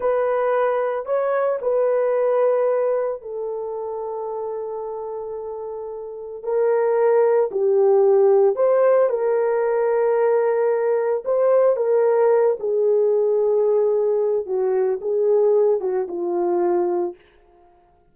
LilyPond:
\new Staff \with { instrumentName = "horn" } { \time 4/4 \tempo 4 = 112 b'2 cis''4 b'4~ | b'2 a'2~ | a'1 | ais'2 g'2 |
c''4 ais'2.~ | ais'4 c''4 ais'4. gis'8~ | gis'2. fis'4 | gis'4. fis'8 f'2 | }